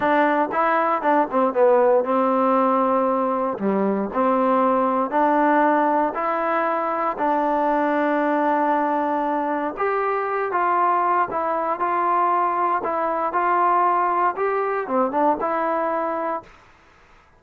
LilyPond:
\new Staff \with { instrumentName = "trombone" } { \time 4/4 \tempo 4 = 117 d'4 e'4 d'8 c'8 b4 | c'2. g4 | c'2 d'2 | e'2 d'2~ |
d'2. g'4~ | g'8 f'4. e'4 f'4~ | f'4 e'4 f'2 | g'4 c'8 d'8 e'2 | }